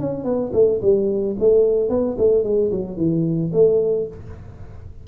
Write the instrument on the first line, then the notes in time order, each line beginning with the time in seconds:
tuba
0.00 C#4
0.24 B3
0.53 A3
0.82 G3
1.39 A3
1.89 B3
2.18 A3
2.44 G#3
2.71 F#3
2.97 E3
3.53 A3